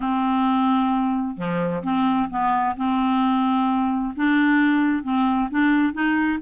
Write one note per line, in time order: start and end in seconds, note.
0.00 1.37 C4
1.37 1.82 F3
1.83 2.29 C4
2.29 2.75 B3
2.76 4.14 C4
4.16 5.03 D4
5.03 5.49 C4
5.50 5.93 D4
5.93 6.39 D#4